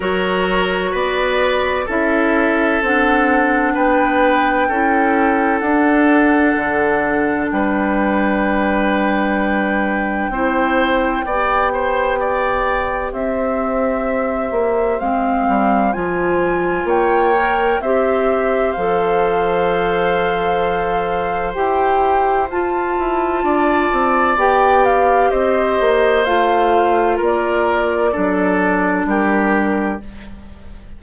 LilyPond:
<<
  \new Staff \with { instrumentName = "flute" } { \time 4/4 \tempo 4 = 64 cis''4 d''4 e''4 fis''4 | g''2 fis''2 | g''1~ | g''2 e''2 |
f''4 gis''4 g''4 e''4 | f''2. g''4 | a''2 g''8 f''8 dis''4 | f''4 d''2 ais'4 | }
  \new Staff \with { instrumentName = "oboe" } { \time 4/4 ais'4 b'4 a'2 | b'4 a'2. | b'2. c''4 | d''8 c''8 d''4 c''2~ |
c''2 cis''4 c''4~ | c''1~ | c''4 d''2 c''4~ | c''4 ais'4 a'4 g'4 | }
  \new Staff \with { instrumentName = "clarinet" } { \time 4/4 fis'2 e'4 d'4~ | d'4 e'4 d'2~ | d'2. e'4 | g'1 |
c'4 f'4. ais'8 g'4 | a'2. g'4 | f'2 g'2 | f'2 d'2 | }
  \new Staff \with { instrumentName = "bassoon" } { \time 4/4 fis4 b4 cis'4 c'4 | b4 cis'4 d'4 d4 | g2. c'4 | b2 c'4. ais8 |
gis8 g8 f4 ais4 c'4 | f2. e'4 | f'8 e'8 d'8 c'8 b4 c'8 ais8 | a4 ais4 fis4 g4 | }
>>